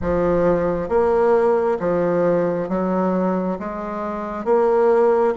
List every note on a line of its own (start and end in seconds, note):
0.01 0.88 F3
0.88 1.78 A#3
1.79 2.69 F3
2.69 3.58 F#3
3.59 4.44 G#3
4.44 5.34 A#3